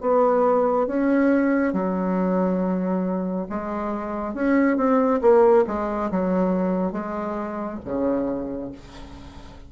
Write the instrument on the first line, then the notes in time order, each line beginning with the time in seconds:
bassoon
0.00 B3
0.87 C#4
1.73 F#3
3.49 G#3
4.34 C#4
4.76 C4
5.21 A#3
5.66 G#3
6.11 F#3
6.92 G#3
7.85 C#3